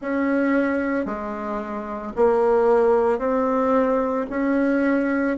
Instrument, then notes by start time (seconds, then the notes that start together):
bassoon
0.01 C#4
1.05 G#3
2.15 A#3
3.19 C4
4.30 C#4